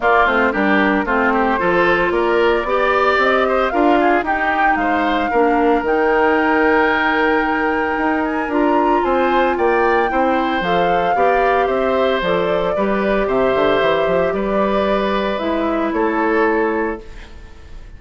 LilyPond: <<
  \new Staff \with { instrumentName = "flute" } { \time 4/4 \tempo 4 = 113 d''8 c''8 ais'4 c''2 | d''2 dis''4 f''4 | g''4 f''2 g''4~ | g''2.~ g''8 gis''8 |
ais''4 gis''4 g''2 | f''2 e''4 d''4~ | d''4 e''2 d''4~ | d''4 e''4 cis''2 | }
  \new Staff \with { instrumentName = "oboe" } { \time 4/4 f'4 g'4 f'8 g'8 a'4 | ais'4 d''4. c''8 ais'8 gis'8 | g'4 c''4 ais'2~ | ais'1~ |
ais'4 c''4 d''4 c''4~ | c''4 d''4 c''2 | b'4 c''2 b'4~ | b'2 a'2 | }
  \new Staff \with { instrumentName = "clarinet" } { \time 4/4 ais8 c'8 d'4 c'4 f'4~ | f'4 g'2 f'4 | dis'2 d'4 dis'4~ | dis'1 |
f'2. e'4 | a'4 g'2 a'4 | g'1~ | g'4 e'2. | }
  \new Staff \with { instrumentName = "bassoon" } { \time 4/4 ais8 a8 g4 a4 f4 | ais4 b4 c'4 d'4 | dis'4 gis4 ais4 dis4~ | dis2. dis'4 |
d'4 c'4 ais4 c'4 | f4 b4 c'4 f4 | g4 c8 d8 e8 f8 g4~ | g4 gis4 a2 | }
>>